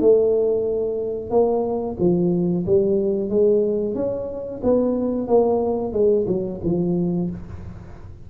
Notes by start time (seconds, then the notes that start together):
0.00 A3
1.31 A#3
2.00 F3
2.66 G3
3.30 G#3
3.95 C#4
4.64 B3
5.27 A#3
5.93 G#3
6.28 F#3
6.64 F3